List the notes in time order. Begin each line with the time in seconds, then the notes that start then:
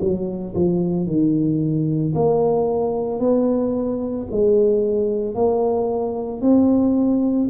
0.00 F#3
0.55 F3
1.06 D#3
2.14 A#3
3.19 B3
4.31 G#3
5.35 A#3
6.41 C4